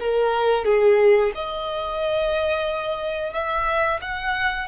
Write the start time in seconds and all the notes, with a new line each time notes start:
0.00 A#4
0.65 G#4
1.35 D#5
3.34 E5
4.02 F#5